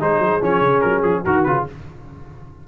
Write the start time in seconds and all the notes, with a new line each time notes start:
0.00 G#3 D#4 G#4 C5
0.19 F#3
0.41 F3 C#4 C#5
0.61 C#3
0.81 F#3 A#4
1.03 F3 G#4
1.22 D#3 F#4 A#4
1.43 C#3 F4 B4